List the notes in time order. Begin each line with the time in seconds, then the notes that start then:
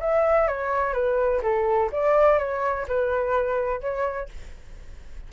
0.00 E5
0.48 C#5
0.93 B4
1.42 A4
1.92 D5
2.38 C#5
2.88 B4
3.81 C#5